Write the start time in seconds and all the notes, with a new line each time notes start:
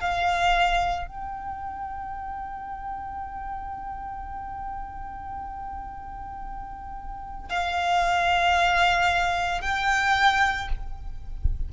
0.00 F5
1.07 G5
7.50 F5
9.61 G5